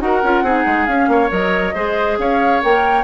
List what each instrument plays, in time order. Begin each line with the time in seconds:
0.00 bassoon D#4, clarinet F#4, oboe A#4, flute F#5
0.23 bassoon C#4, clarinet F4
0.42 bassoon C4, clarinet D#4, oboe G#4
0.66 bassoon G#3
0.86 bassoon C#4, clarinet C#4, flute F5
1.08 bassoon A#3, oboe C#5
1.29 bassoon F#3, clarinet A#4, flute D#5
1.74 bassoon G#3, clarinet G#4, oboe C5
2.18 bassoon C#4, oboe C#5, flute F5
2.62 bassoon A#3, clarinet A#4, flute G5